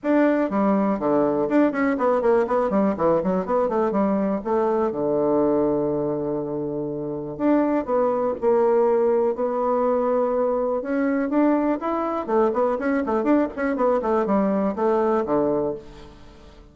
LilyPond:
\new Staff \with { instrumentName = "bassoon" } { \time 4/4 \tempo 4 = 122 d'4 g4 d4 d'8 cis'8 | b8 ais8 b8 g8 e8 fis8 b8 a8 | g4 a4 d2~ | d2. d'4 |
b4 ais2 b4~ | b2 cis'4 d'4 | e'4 a8 b8 cis'8 a8 d'8 cis'8 | b8 a8 g4 a4 d4 | }